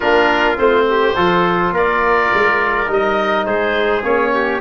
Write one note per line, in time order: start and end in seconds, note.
0.00 0.58 A#3
0.00 0.56 D4
0.00 0.86 F4
0.00 0.57 A#4
0.56 1.15 A3
0.56 1.14 C4
0.56 1.73 C5
0.89 1.15 G4
1.15 1.72 F3
1.15 2.86 F4
1.15 1.73 A4
1.72 2.30 A#3
1.72 3.46 A#4
1.72 2.91 D5
2.34 2.89 G#3
2.86 3.46 G3
2.86 4.02 D#4
2.86 3.45 D#5
3.45 4.03 G#3
3.45 4.32 G#4
3.45 4.03 C5
4.03 4.60 A#3
4.03 4.60 C#4
4.03 4.60 C#5
4.33 4.60 G4